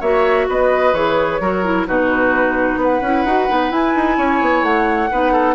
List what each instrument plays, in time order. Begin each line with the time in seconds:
0.00 bassoon A#3, clarinet F#4, oboe C#5, flute E5
0.48 bassoon B3, oboe B4, flute D#5
0.93 bassoon E3, clarinet G#4, flute C#5
1.40 bassoon F#3, clarinet F#4, oboe A#4
1.64 clarinet E4
1.87 bassoon B2, clarinet D#4, oboe F#4, flute B4
2.76 bassoon B3, oboe B4, flute F#5
3.01 bassoon C#4, clarinet E4
3.24 bassoon D#4, clarinet F#4
3.49 bassoon B3, clarinet D#4
3.70 clarinet E4, bassoon E4, flute G#5
3.95 bassoon D#4
4.17 bassoon C#4, oboe C#5
4.41 bassoon B3
4.62 bassoon A3, flute F#5
5.11 bassoon B3, clarinet D#4, oboe B4
5.32 oboe A4